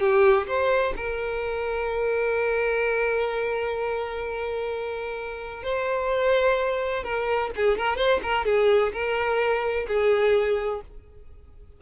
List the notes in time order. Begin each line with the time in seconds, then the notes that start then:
0.00 G4
0.47 C5
0.97 A#4
5.63 C5
7.04 A#4
7.56 G#4
7.77 A#4
7.96 C5
8.23 A#4
8.45 G#4
8.93 A#4
9.88 G#4